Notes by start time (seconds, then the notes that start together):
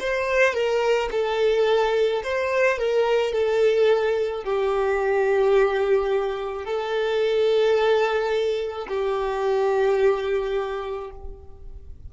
0.00 C5
0.54 A#4
1.12 A4
2.24 C5
2.78 A#4
3.33 A4
4.44 G4
6.65 A4
8.88 G4